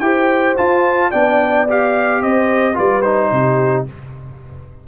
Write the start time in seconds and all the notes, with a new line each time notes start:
0.00 E4 G4 C5 G5
0.57 F4 A5
1.10 B3 D4 D5 G5
1.69 G4 F5
2.22 C4 C5 D#5
2.74 G3 F4 B4 D5
3.02 D#4 C5
3.31 C3 G4